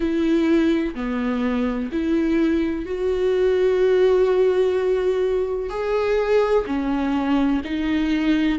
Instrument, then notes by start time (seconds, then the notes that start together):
viola
0.00 E4
0.94 B3
1.91 E4
2.85 F#4
5.69 G#4
6.66 C#4
7.64 D#4